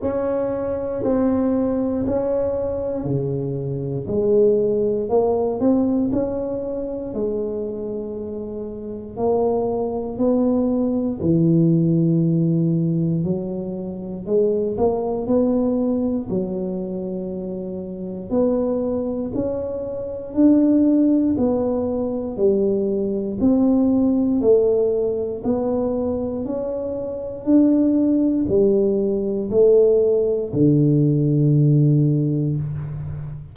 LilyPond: \new Staff \with { instrumentName = "tuba" } { \time 4/4 \tempo 4 = 59 cis'4 c'4 cis'4 cis4 | gis4 ais8 c'8 cis'4 gis4~ | gis4 ais4 b4 e4~ | e4 fis4 gis8 ais8 b4 |
fis2 b4 cis'4 | d'4 b4 g4 c'4 | a4 b4 cis'4 d'4 | g4 a4 d2 | }